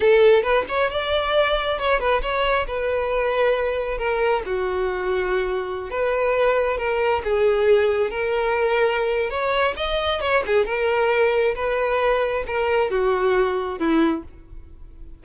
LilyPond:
\new Staff \with { instrumentName = "violin" } { \time 4/4 \tempo 4 = 135 a'4 b'8 cis''8 d''2 | cis''8 b'8 cis''4 b'2~ | b'4 ais'4 fis'2~ | fis'4~ fis'16 b'2 ais'8.~ |
ais'16 gis'2 ais'4.~ ais'16~ | ais'4 cis''4 dis''4 cis''8 gis'8 | ais'2 b'2 | ais'4 fis'2 e'4 | }